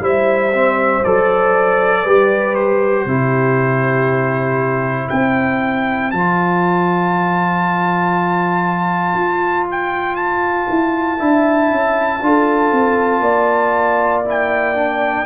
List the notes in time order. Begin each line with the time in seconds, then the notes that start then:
0.00 G3 E4 C5 E5
0.53 C4
1.04 F#3 A4 D5
2.03 G3 G4 B4
2.55 C5
3.06 C3 E4 G4
5.09 C4 C5 G5
6.11 F3 F4 A5
9.14 F4
9.71 G5
10.16 A5
10.69 E4
11.18 D4 E4 E5
11.71 C#4
12.22 D4 F4 A4
12.72 C4
13.20 A#3 D5
14.25 E4 G5
14.75 D4